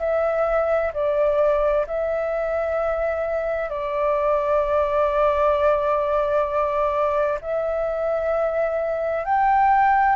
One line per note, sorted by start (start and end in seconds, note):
0.00 0.92 E5
0.94 1.86 D5
1.87 3.70 E5
3.70 7.39 D5
7.42 9.25 E5
9.25 10.16 G5